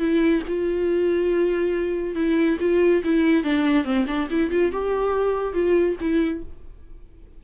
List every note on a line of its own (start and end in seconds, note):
0.00 0.43 E4
0.48 2.16 F4
2.16 2.58 E4
2.61 3.03 F4
3.04 3.44 E4
3.44 3.85 D4
3.85 4.06 C4
4.08 4.29 D4
4.31 4.51 E4
4.51 4.73 F4
4.73 5.54 G4
5.54 5.97 F4
6.01 6.44 E4